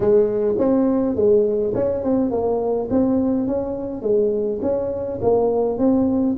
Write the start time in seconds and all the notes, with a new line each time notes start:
0.00 G#3
0.57 C4
1.15 G#3
1.74 C#4
2.03 C4
2.31 A#3
2.90 C4
3.47 C#4
4.01 G#3
4.62 C#4
5.21 A#3
5.78 C4